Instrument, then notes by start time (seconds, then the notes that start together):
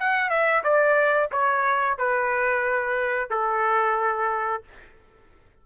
trumpet
0.00 F#5
0.30 E5
0.64 D5
1.32 C#5
1.99 B4
3.31 A4